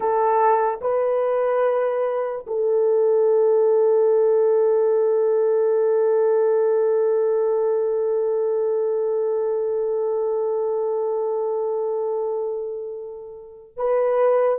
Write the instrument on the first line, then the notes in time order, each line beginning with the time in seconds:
horn
0.00 A4
0.81 B4
2.46 A4
13.77 B4